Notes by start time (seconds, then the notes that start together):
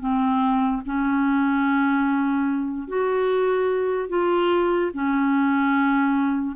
0.00 C4
0.86 C#4
2.88 F#4
4.09 F4
4.94 C#4